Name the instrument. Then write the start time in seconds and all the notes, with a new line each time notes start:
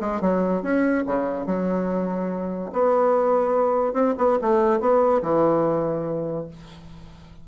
bassoon
0.00 G#3
0.21 F#3
0.62 C#4
1.06 C#3
1.46 F#3
2.73 B3
3.93 C4
4.18 B3
4.41 A3
4.80 B3
5.22 E3